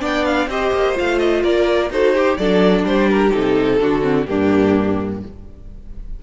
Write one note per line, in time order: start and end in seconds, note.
0.00 0.47 B3
0.00 0.47 D4
0.00 0.48 D5
0.00 0.25 G5
0.25 0.49 F5
0.47 0.71 C4
0.47 0.95 G4
0.47 1.43 C5
0.47 0.98 D#5
0.72 0.96 A#3
0.95 1.44 A3
0.95 1.90 F4
0.95 1.19 F5
1.19 1.42 D#5
1.43 1.90 A#3
1.43 1.90 A#4
1.43 1.91 D5
1.90 2.37 D#4
1.90 2.16 F#4
1.90 2.14 A4
1.90 2.37 C5
2.14 2.38 G4
2.14 2.39 G4
2.37 2.84 F#3
2.37 3.31 D4
2.37 2.84 A4
2.37 2.85 D5
2.84 3.31 G3
2.84 3.79 G4
2.84 3.10 C5
3.10 3.33 A#4
3.31 3.80 C3
3.31 3.79 D#4
3.31 4.26 A4
3.80 4.27 D3
3.80 4.02 D4
3.80 4.28 F#4
4.02 4.25 C4
4.26 5.23 G2
4.26 5.22 A#3
4.26 5.23 D4
4.26 5.20 G4